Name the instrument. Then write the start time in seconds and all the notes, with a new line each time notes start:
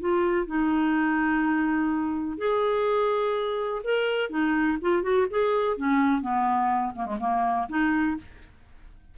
clarinet
0.00 F4
0.47 D#4
2.38 G#4
3.84 A#4
4.30 D#4
4.82 F4
5.03 F#4
5.30 G#4
5.77 C#4
6.22 B3
6.96 A#3
7.06 G#3
7.20 A#3
7.70 D#4